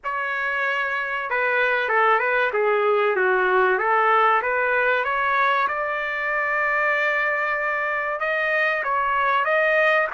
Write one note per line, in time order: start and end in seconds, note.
0.03 1.30 C#5
1.30 1.88 B4
1.88 2.19 A4
2.19 2.50 B4
2.53 3.16 G#4
3.16 3.78 F#4
3.78 4.41 A4
4.42 5.04 B4
5.04 5.67 C#5
5.68 8.20 D5
8.20 8.83 D#5
8.83 9.44 C#5
9.44 10.07 D#5